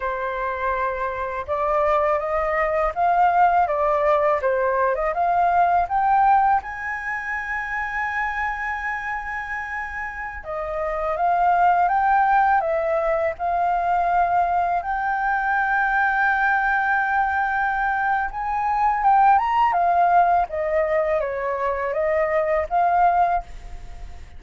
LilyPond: \new Staff \with { instrumentName = "flute" } { \time 4/4 \tempo 4 = 82 c''2 d''4 dis''4 | f''4 d''4 c''8. dis''16 f''4 | g''4 gis''2.~ | gis''2~ gis''16 dis''4 f''8.~ |
f''16 g''4 e''4 f''4.~ f''16~ | f''16 g''2.~ g''8.~ | g''4 gis''4 g''8 ais''8 f''4 | dis''4 cis''4 dis''4 f''4 | }